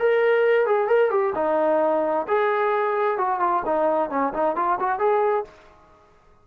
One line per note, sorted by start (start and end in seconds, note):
0.00 0.67 A#4
0.67 0.88 G#4
0.88 1.11 A#4
1.11 1.34 G4
1.35 2.27 D#4
2.28 3.18 G#4
3.18 3.40 F#4
3.40 3.63 F4
3.66 4.10 D#4
4.10 4.33 C#4
4.34 4.56 D#4
4.56 4.79 F4
4.80 4.99 F#4
4.99 5.45 G#4